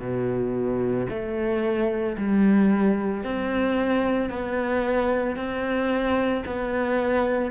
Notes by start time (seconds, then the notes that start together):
0.00 B2
1.10 A3
2.18 G3
3.24 C4
4.30 B3
5.37 C4
6.46 B3